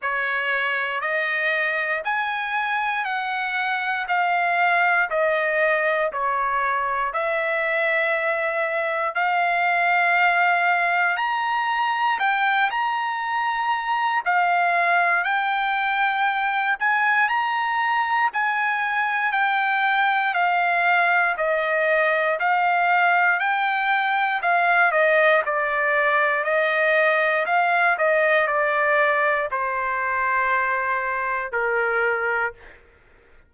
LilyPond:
\new Staff \with { instrumentName = "trumpet" } { \time 4/4 \tempo 4 = 59 cis''4 dis''4 gis''4 fis''4 | f''4 dis''4 cis''4 e''4~ | e''4 f''2 ais''4 | g''8 ais''4. f''4 g''4~ |
g''8 gis''8 ais''4 gis''4 g''4 | f''4 dis''4 f''4 g''4 | f''8 dis''8 d''4 dis''4 f''8 dis''8 | d''4 c''2 ais'4 | }